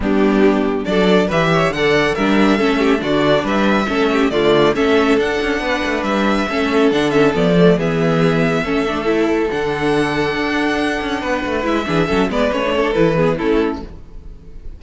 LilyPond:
<<
  \new Staff \with { instrumentName = "violin" } { \time 4/4 \tempo 4 = 139 g'2 d''4 e''4 | fis''4 e''2 d''4 | e''2 d''4 e''4 | fis''2 e''2 |
fis''8 e''8 d''4 e''2~ | e''2 fis''2~ | fis''2. e''4~ | e''8 d''8 cis''4 b'4 a'4 | }
  \new Staff \with { instrumentName = "violin" } { \time 4/4 d'2 a'4 b'8 cis''8 | d''4 ais'4 a'8 g'8 fis'4 | b'4 a'8 g'8 f'4 a'4~ | a'4 b'2 a'4~ |
a'2 gis'2 | a'1~ | a'2 b'4. gis'8 | a'8 b'4 a'4 gis'8 e'4 | }
  \new Staff \with { instrumentName = "viola" } { \time 4/4 b2 d'4 g'4 | a'4 d'4 cis'4 d'4~ | d'4 cis'4 a4 cis'4 | d'2. cis'4 |
d'8 cis'8 b8 a8 b2 | cis'8 d'8 e'4 d'2~ | d'2. e'8 d'8 | cis'8 b8 cis'16 d'16 cis'16 d'16 e'8 b8 cis'4 | }
  \new Staff \with { instrumentName = "cello" } { \time 4/4 g2 fis4 e4 | d4 g4 a4 d4 | g4 a4 d4 a4 | d'8 cis'8 b8 a8 g4 a4 |
d4 f4 e2 | a2 d2 | d'4. cis'8 b8 a8 gis8 e8 | fis8 gis8 a4 e4 a4 | }
>>